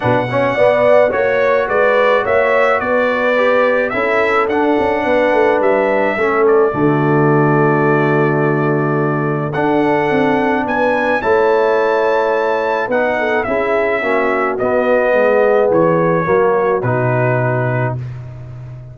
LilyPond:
<<
  \new Staff \with { instrumentName = "trumpet" } { \time 4/4 \tempo 4 = 107 fis''2 cis''4 d''4 | e''4 d''2 e''4 | fis''2 e''4. d''8~ | d''1~ |
d''4 fis''2 gis''4 | a''2. fis''4 | e''2 dis''2 | cis''2 b'2 | }
  \new Staff \with { instrumentName = "horn" } { \time 4/4 b'8 cis''8 d''4 cis''4 b'4 | cis''4 b'2 a'4~ | a'4 b'2 a'4 | fis'1~ |
fis'4 a'2 b'4 | cis''2. b'8 a'8 | gis'4 fis'2 gis'4~ | gis'4 fis'2. | }
  \new Staff \with { instrumentName = "trombone" } { \time 4/4 d'8 cis'8 b4 fis'2~ | fis'2 g'4 e'4 | d'2. cis'4 | a1~ |
a4 d'2. | e'2. dis'4 | e'4 cis'4 b2~ | b4 ais4 dis'2 | }
  \new Staff \with { instrumentName = "tuba" } { \time 4/4 b,4 b4 ais4 gis4 | ais4 b2 cis'4 | d'8 cis'8 b8 a8 g4 a4 | d1~ |
d4 d'4 c'4 b4 | a2. b4 | cis'4 ais4 b4 gis4 | e4 fis4 b,2 | }
>>